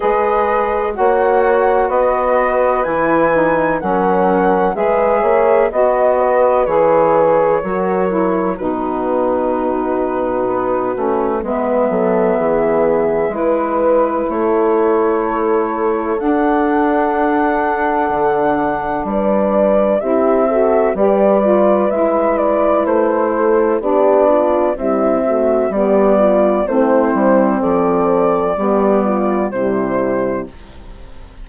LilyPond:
<<
  \new Staff \with { instrumentName = "flute" } { \time 4/4 \tempo 4 = 63 dis''4 fis''4 dis''4 gis''4 | fis''4 e''4 dis''4 cis''4~ | cis''4 b'2. | e''2 b'4 cis''4~ |
cis''4 fis''2. | d''4 e''4 d''4 e''8 d''8 | c''4 d''4 e''4 d''4 | c''4 d''2 c''4 | }
  \new Staff \with { instrumentName = "horn" } { \time 4/4 b'4 cis''4 b'2 | ais'4 b'8 cis''8 dis''8 b'4. | ais'4 fis'2. | b'8 a'8 gis'4 b'4 a'4~ |
a'1 | b'4 g'8 a'8 b'2~ | b'8 a'8 g'8 f'8 e'8 fis'8 g'8 f'8 | e'4 a'4 g'8 f'8 e'4 | }
  \new Staff \with { instrumentName = "saxophone" } { \time 4/4 gis'4 fis'2 e'8 dis'8 | cis'4 gis'4 fis'4 gis'4 | fis'8 e'8 dis'2~ dis'8 cis'8 | b2 e'2~ |
e'4 d'2.~ | d'4 e'8 fis'8 g'8 f'8 e'4~ | e'4 d'4 g8 a8 b4 | c'2 b4 g4 | }
  \new Staff \with { instrumentName = "bassoon" } { \time 4/4 gis4 ais4 b4 e4 | fis4 gis8 ais8 b4 e4 | fis4 b,2 b8 a8 | gis8 fis8 e4 gis4 a4~ |
a4 d'2 d4 | g4 c'4 g4 gis4 | a4 b4 c'4 g4 | a8 g8 f4 g4 c4 | }
>>